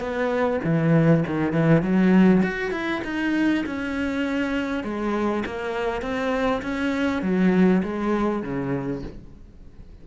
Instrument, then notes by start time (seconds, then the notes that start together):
cello
0.00 B3
0.64 E3
1.27 D#3
1.52 E3
1.82 F#3
2.42 F#4
2.71 E4
3.04 D#4
3.66 C#4
4.84 G#3
5.45 A#3
6.01 C4
6.62 C#4
7.22 F#3
7.83 G#3
8.42 C#3